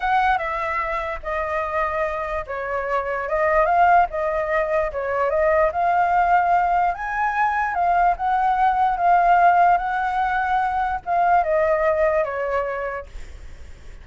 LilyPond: \new Staff \with { instrumentName = "flute" } { \time 4/4 \tempo 4 = 147 fis''4 e''2 dis''4~ | dis''2 cis''2 | dis''4 f''4 dis''2 | cis''4 dis''4 f''2~ |
f''4 gis''2 f''4 | fis''2 f''2 | fis''2. f''4 | dis''2 cis''2 | }